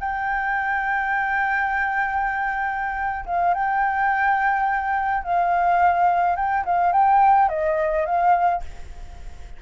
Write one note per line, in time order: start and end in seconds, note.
0.00 3.25 G5
3.26 3.54 F5
3.54 5.24 G5
5.24 6.36 F5
6.36 6.65 G5
6.66 6.92 F5
6.92 7.49 G5
7.49 8.06 D#5
8.06 8.62 F5